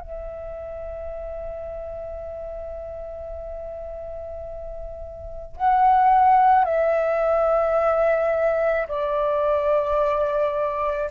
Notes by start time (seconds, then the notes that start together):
0.00 E5
5.57 F#5
6.65 E5
8.88 D5